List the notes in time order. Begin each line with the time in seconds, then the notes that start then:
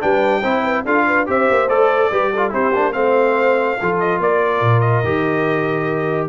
0.00 G3 D4 B4 G5
0.41 C4 E4 C5
0.63 B4
0.85 D4 F4 A4 F5
1.06 B4
1.26 C4 G4 C5 E5
1.50 A#3
1.68 A3 A4 D5
2.10 G3 G4 B4
2.32 F4 A4
2.50 C4 E4 G4 C5
2.74 A#3 D4
2.93 A3 C4 C5 F5
3.79 F3 F4 A4
3.99 D#5
4.19 A#3 A#4 D5
4.61 A#2
4.80 D#5
5.03 D#3 G4